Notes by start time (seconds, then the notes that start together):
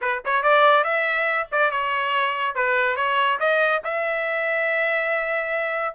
0.01 B4
0.25 C#5
0.42 D5
0.84 E5
1.51 D5
1.71 C#5
2.55 B4
2.96 C#5
3.39 D#5
3.84 E5